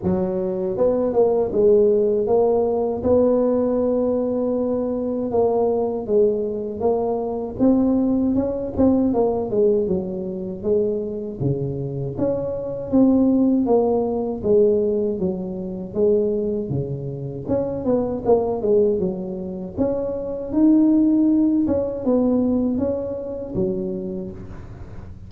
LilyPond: \new Staff \with { instrumentName = "tuba" } { \time 4/4 \tempo 4 = 79 fis4 b8 ais8 gis4 ais4 | b2. ais4 | gis4 ais4 c'4 cis'8 c'8 | ais8 gis8 fis4 gis4 cis4 |
cis'4 c'4 ais4 gis4 | fis4 gis4 cis4 cis'8 b8 | ais8 gis8 fis4 cis'4 dis'4~ | dis'8 cis'8 b4 cis'4 fis4 | }